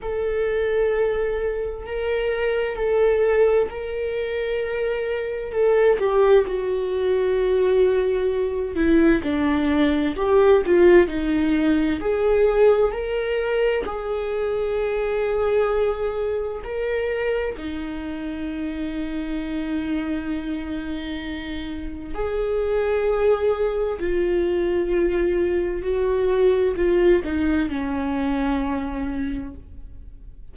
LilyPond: \new Staff \with { instrumentName = "viola" } { \time 4/4 \tempo 4 = 65 a'2 ais'4 a'4 | ais'2 a'8 g'8 fis'4~ | fis'4. e'8 d'4 g'8 f'8 | dis'4 gis'4 ais'4 gis'4~ |
gis'2 ais'4 dis'4~ | dis'1 | gis'2 f'2 | fis'4 f'8 dis'8 cis'2 | }